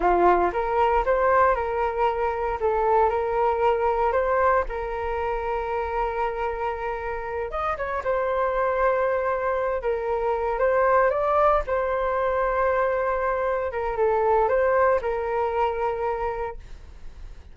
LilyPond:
\new Staff \with { instrumentName = "flute" } { \time 4/4 \tempo 4 = 116 f'4 ais'4 c''4 ais'4~ | ais'4 a'4 ais'2 | c''4 ais'2.~ | ais'2~ ais'8 dis''8 cis''8 c''8~ |
c''2. ais'4~ | ais'8 c''4 d''4 c''4.~ | c''2~ c''8 ais'8 a'4 | c''4 ais'2. | }